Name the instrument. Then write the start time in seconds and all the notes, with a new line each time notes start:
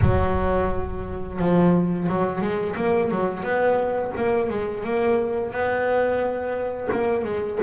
double bass
0.01 F#3
1.38 F3
2.08 F#3
2.41 G#3
2.76 A#3
3.10 F#3
3.43 B3
4.16 A#3
4.49 G#3
4.84 A#3
5.51 B3
6.92 A#3
7.24 G#3